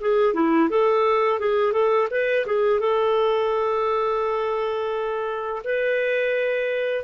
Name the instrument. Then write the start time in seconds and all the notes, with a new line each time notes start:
clarinet
0.00 G#4
0.34 E4
0.70 A4
1.39 G#4
1.72 A4
2.10 B4
2.46 G#4
2.79 A4
5.64 B4